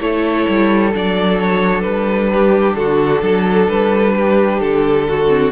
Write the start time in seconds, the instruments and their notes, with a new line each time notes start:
0.00 cello A3, viola E4, violin A4 C#5
0.48 cello G3
0.93 cello F#3, viola D4, violin D5
1.39 violin C#5
1.81 cello G3, violin B4
2.33 violin G4
2.75 cello D3, violin F#4 A4
3.22 cello F#3, violin A4
3.68 cello G3, violin B4
4.15 violin G4
4.60 cello D3, violin A4
5.09 violin F#4
5.27 viola C4